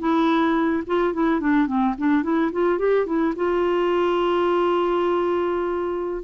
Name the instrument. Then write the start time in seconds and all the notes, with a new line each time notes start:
clarinet
0.00 E4
0.87 F4
1.14 E4
1.41 D4
1.67 C4
1.98 D4
2.24 E4
2.53 F4
2.79 G4
3.07 E4
3.36 F4